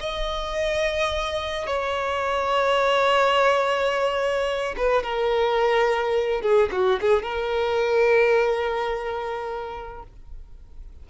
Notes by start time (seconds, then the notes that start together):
0.00 D#5
1.67 C#5
4.77 B4
5.03 A#4
6.42 G#4
6.72 F#4
7.01 G#4
7.23 A#4